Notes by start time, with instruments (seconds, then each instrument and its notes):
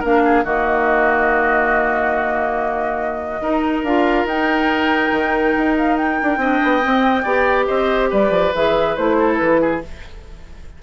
0.00 bassoon A#3, clarinet D4, oboe A#4, flute F5
0.25 oboe G#4
0.45 bassoon D#3, clarinet A#3, oboe F#4, flute D#5
3.41 bassoon D#4, clarinet D#4, oboe A#4
3.84 bassoon D4, clarinet F4, flute F5
4.25 bassoon D#4, clarinet D#4, flute G5
5.12 bassoon D#3
5.58 bassoon D#4
5.78 flute F5
5.97 flute G5
6.23 bassoon D4
6.38 bassoon C4, clarinet D4, oboe D#5
6.64 bassoon B3
6.82 clarinet C4, bassoon C4
7.23 bassoon B3, clarinet G4, oboe D5
7.67 bassoon C4, oboe C5, flute D#5
8.11 bassoon G3, oboe B4, flute D5
8.30 bassoon F3
8.55 bassoon E3, clarinet G#4, flute E5
8.97 bassoon A3, clarinet E4, flute C5
9.19 oboe A4
9.37 bassoon E3, flute B4
9.62 oboe G#4